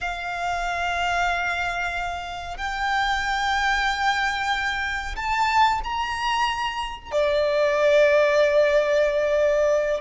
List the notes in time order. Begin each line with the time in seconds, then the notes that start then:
0.00 F5
2.57 G5
5.16 A5
5.84 A#5
7.11 D5